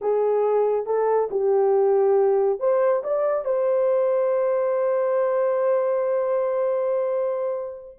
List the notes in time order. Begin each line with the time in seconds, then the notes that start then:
0.01 G#4
0.86 A4
1.31 G4
2.59 C5
3.03 D5
3.44 C5